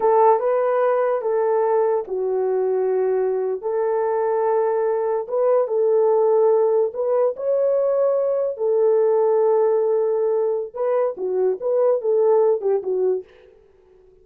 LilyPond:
\new Staff \with { instrumentName = "horn" } { \time 4/4 \tempo 4 = 145 a'4 b'2 a'4~ | a'4 fis'2.~ | fis'8. a'2.~ a'16~ | a'8. b'4 a'2~ a'16~ |
a'8. b'4 cis''2~ cis''16~ | cis''8. a'2.~ a'16~ | a'2 b'4 fis'4 | b'4 a'4. g'8 fis'4 | }